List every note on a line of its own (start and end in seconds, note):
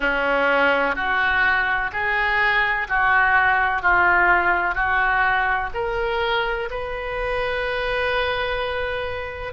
0.00 0.95 C#4
0.95 1.90 F#4
1.92 2.87 G#4
2.88 3.81 F#4
3.81 4.74 F4
4.74 5.70 F#4
5.74 6.69 A#4
6.70 9.53 B4